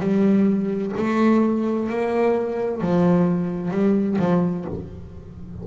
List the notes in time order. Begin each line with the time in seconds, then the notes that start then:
0.00 G3
0.97 A3
1.90 A#3
2.81 F3
3.71 G3
4.19 F3